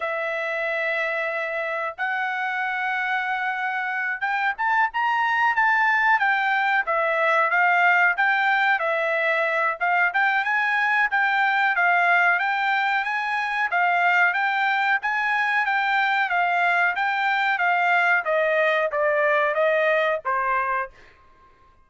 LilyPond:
\new Staff \with { instrumentName = "trumpet" } { \time 4/4 \tempo 4 = 92 e''2. fis''4~ | fis''2~ fis''8 g''8 a''8 ais''8~ | ais''8 a''4 g''4 e''4 f''8~ | f''8 g''4 e''4. f''8 g''8 |
gis''4 g''4 f''4 g''4 | gis''4 f''4 g''4 gis''4 | g''4 f''4 g''4 f''4 | dis''4 d''4 dis''4 c''4 | }